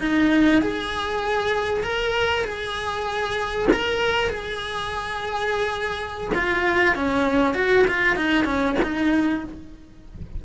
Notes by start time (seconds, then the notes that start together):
0.00 D#4
0.62 G#4
1.84 A#4
2.45 G#4
3.73 A#4
4.30 G#4
6.35 F4
6.96 C#4
7.55 F#4
7.88 F4
8.16 D#4
8.45 C#4
8.83 D#4